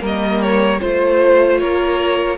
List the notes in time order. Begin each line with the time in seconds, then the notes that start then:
0.00 G3 A#3 A#4 D#5
0.41 C#5
0.80 A3 F4 C5
1.58 A#3 A#4 C#5